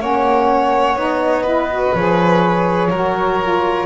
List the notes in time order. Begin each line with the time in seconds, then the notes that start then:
0.00 A#3 C#4 C#5 F#5
0.96 B3 D#4 D#5
1.43 E4 B4
1.70 F#4
1.94 F3 G#4 C#5
2.90 F#3 F#4 A#4
3.42 F4